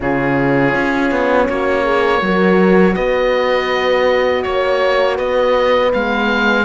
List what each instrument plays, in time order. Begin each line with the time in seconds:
0.00 cello C#3, horn C#4 F4, oboe G#4
0.74 cello C#4
1.11 cello B3
1.48 cello A#3, horn F#4, oboe C#5
1.83 horn G#4
2.21 cello F#3, horn F#4 A#4
2.94 cello B3, horn B4, oboe D#5
4.42 cello A#3, oboe C#5, horn C#5
5.15 cello B3, horn B4, oboe D#5
5.93 cello G#3, horn B3, oboe F5